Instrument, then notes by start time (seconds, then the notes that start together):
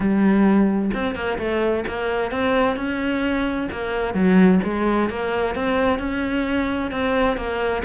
cello
0.00 G3
0.94 C4
1.15 A#3
1.38 A3
1.87 A#3
2.31 C4
2.76 C#4
3.71 A#3
4.13 F#3
4.63 G#3
5.09 A#3
5.55 C4
5.99 C#4
6.91 C4
7.36 A#3